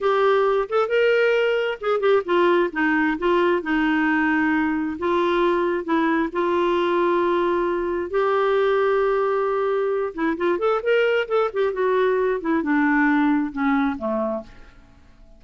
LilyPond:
\new Staff \with { instrumentName = "clarinet" } { \time 4/4 \tempo 4 = 133 g'4. a'8 ais'2 | gis'8 g'8 f'4 dis'4 f'4 | dis'2. f'4~ | f'4 e'4 f'2~ |
f'2 g'2~ | g'2~ g'8 e'8 f'8 a'8 | ais'4 a'8 g'8 fis'4. e'8 | d'2 cis'4 a4 | }